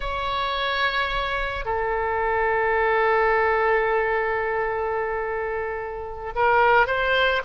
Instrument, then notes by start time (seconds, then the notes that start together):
oboe
0.00 C#5
1.65 A4
6.35 A#4
6.86 C5